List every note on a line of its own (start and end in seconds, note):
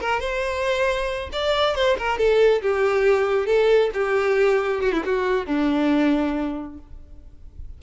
0.00 0.20 A#4
0.20 1.29 C5
1.32 1.75 D5
1.75 1.97 C5
1.98 2.18 A#4
2.18 2.61 A4
2.62 3.46 G4
3.46 3.90 A4
3.93 4.81 G4
4.81 4.92 F#4
4.92 5.02 E4
5.05 5.46 F#4
5.46 6.78 D4